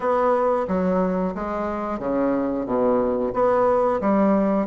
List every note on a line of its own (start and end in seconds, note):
0.00 0.66 B3
0.68 1.34 F#3
1.34 1.99 G#3
1.99 2.65 C#3
2.65 3.32 B2
3.33 4.00 B3
4.00 4.67 G3